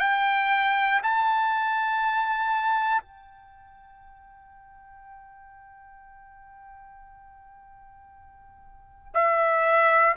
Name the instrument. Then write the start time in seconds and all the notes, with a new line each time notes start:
trumpet
0.00 G5
1.03 A5
3.02 G5
9.14 E5